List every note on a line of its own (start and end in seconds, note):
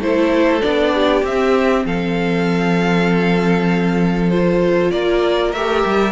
0.00 0.61 A3
0.00 0.61 E4
0.00 0.95 A4
0.00 0.62 C5
0.61 1.23 B3
0.61 1.23 D4
0.61 1.23 D5
0.95 1.86 G4
1.23 1.84 C4
1.23 4.32 C4
1.23 1.86 E5
1.85 4.91 F3
1.85 4.92 A4
1.85 4.30 F5
4.30 5.54 F4
4.30 4.91 C5
4.91 5.53 A#3
4.91 6.12 A#4
4.91 5.52 D5
5.52 5.84 A3
5.52 6.12 G4
5.52 6.12 E5
5.86 6.12 G3